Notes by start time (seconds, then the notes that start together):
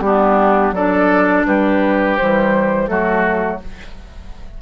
0.00 G3 B3 D4 G4
0.72 F#3 D4 A4 D5
1.46 G3 G4 B4
2.17 E3 G3 C5
2.87 F#3 A3 F#4 A4